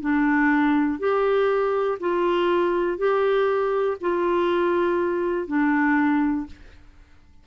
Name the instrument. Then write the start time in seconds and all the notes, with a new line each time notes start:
clarinet
0.00 D4
0.99 G4
2.00 F4
2.98 G4
4.00 F4
5.47 D4